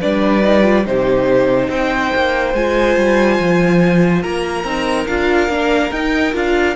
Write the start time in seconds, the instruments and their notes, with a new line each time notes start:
0.00 cello G3, viola D4, violin B4 D5
0.44 viola D#4
0.64 viola F4
0.86 cello C3, viola D#4, violin G4 C5
1.68 cello C4, violin C5 G5
2.15 cello A#3
2.54 cello G#3, viola F4, violin G#5
2.97 cello G3
3.40 cello F3
4.23 cello A#3, violin A#4 A#5
4.65 cello C4, viola D#4
5.08 cello D4, viola F4, violin F5
5.49 cello A#3, viola D4
5.92 cello D#4, viola D#4, violin G5
6.34 cello D4, viola F4, violin F5